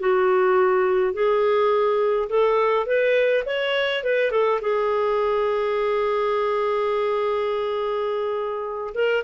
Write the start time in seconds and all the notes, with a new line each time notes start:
0.00 F#4
1.14 G#4
2.30 A4
2.87 B4
3.46 C#5
4.04 B4
4.31 A4
4.62 G#4
8.95 A#4